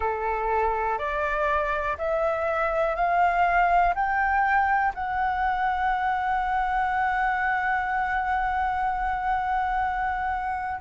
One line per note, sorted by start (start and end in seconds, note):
0.00 0.98 A4
0.98 1.96 D5
1.98 2.95 E5
2.95 3.93 F5
3.94 4.93 G5
4.94 10.80 F#5